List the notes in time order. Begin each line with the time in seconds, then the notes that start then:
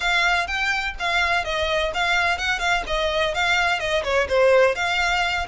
0.00 F5
0.47 G5
0.99 F5
1.44 D#5
1.94 F5
2.38 F#5
2.59 F5
2.86 D#5
3.34 F5
3.79 D#5
4.03 C#5
4.28 C5
4.75 F5